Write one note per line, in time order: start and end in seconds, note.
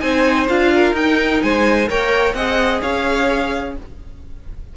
0.00 0.49 C4
0.00 0.48 D#4
0.00 0.73 C5
0.00 0.47 G#5
0.49 0.93 D4
0.49 0.96 F4
0.49 0.95 F5
0.74 1.43 A#4
0.93 1.39 D#4
0.93 1.87 D#4
0.93 1.42 G5
1.42 1.90 G#3
1.42 1.89 C5
1.42 1.89 G#5
1.87 2.34 A#3
1.87 2.34 A#4
1.87 2.35 C#5
1.87 2.34 G5
2.34 2.81 C4
2.34 3.76 G#4
2.34 2.82 D#5
2.34 2.81 F#5
2.82 3.76 C#4
2.82 3.75 C#5
2.82 3.75 F5